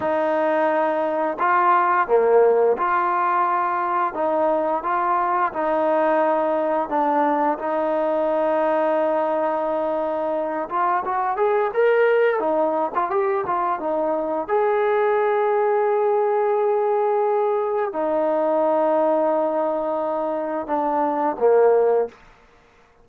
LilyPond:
\new Staff \with { instrumentName = "trombone" } { \time 4/4 \tempo 4 = 87 dis'2 f'4 ais4 | f'2 dis'4 f'4 | dis'2 d'4 dis'4~ | dis'2.~ dis'8 f'8 |
fis'8 gis'8 ais'4 dis'8. f'16 g'8 f'8 | dis'4 gis'2.~ | gis'2 dis'2~ | dis'2 d'4 ais4 | }